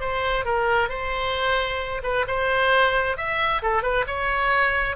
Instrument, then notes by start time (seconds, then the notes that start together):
oboe
0.00 C5
0.45 A#4
0.89 C5
2.03 B4
2.27 C5
3.17 E5
3.62 A4
3.82 B4
4.07 C#5